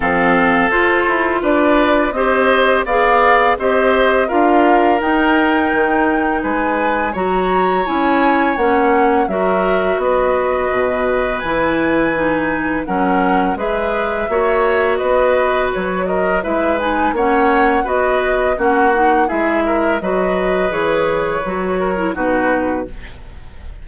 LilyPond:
<<
  \new Staff \with { instrumentName = "flute" } { \time 4/4 \tempo 4 = 84 f''4 c''4 d''4 dis''4 | f''4 dis''4 f''4 g''4~ | g''4 gis''4 ais''4 gis''4 | fis''4 e''4 dis''2 |
gis''2 fis''4 e''4~ | e''4 dis''4 cis''8 dis''8 e''8 gis''8 | fis''4 dis''4 fis''4 e''4 | dis''4 cis''2 b'4 | }
  \new Staff \with { instrumentName = "oboe" } { \time 4/4 a'2 b'4 c''4 | d''4 c''4 ais'2~ | ais'4 b'4 cis''2~ | cis''4 ais'4 b'2~ |
b'2 ais'4 b'4 | cis''4 b'4. ais'8 b'4 | cis''4 b'4 fis'4 gis'8 ais'8 | b'2~ b'8 ais'8 fis'4 | }
  \new Staff \with { instrumentName = "clarinet" } { \time 4/4 c'4 f'2 g'4 | gis'4 g'4 f'4 dis'4~ | dis'2 fis'4 e'4 | cis'4 fis'2. |
e'4 dis'4 cis'4 gis'4 | fis'2. e'8 dis'8 | cis'4 fis'4 cis'8 dis'8 e'4 | fis'4 gis'4 fis'8. e'16 dis'4 | }
  \new Staff \with { instrumentName = "bassoon" } { \time 4/4 f4 f'8 e'8 d'4 c'4 | b4 c'4 d'4 dis'4 | dis4 gis4 fis4 cis'4 | ais4 fis4 b4 b,4 |
e2 fis4 gis4 | ais4 b4 fis4 gis4 | ais4 b4 ais4 gis4 | fis4 e4 fis4 b,4 | }
>>